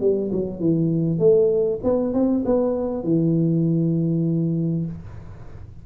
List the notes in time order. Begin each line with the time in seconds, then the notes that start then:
0.00 G3
0.32 F#3
0.59 E3
1.19 A3
1.83 B3
2.13 C4
2.45 B3
3.03 E3